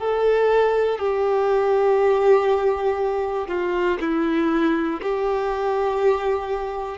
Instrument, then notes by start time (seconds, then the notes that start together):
violin
0.00 A4
1.00 G4
3.48 F4
4.01 E4
5.02 G4